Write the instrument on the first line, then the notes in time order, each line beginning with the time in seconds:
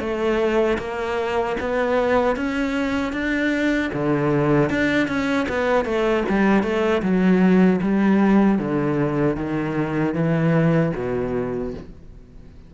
cello
0.00 A3
0.78 A#3
1.60 B3
2.36 C#4
3.13 D4
3.94 D3
4.70 D4
5.08 C#4
5.49 B3
5.85 A3
6.29 G3
6.63 A3
7.02 F#3
7.82 G3
8.59 D3
9.36 D#3
10.14 E3
10.96 B2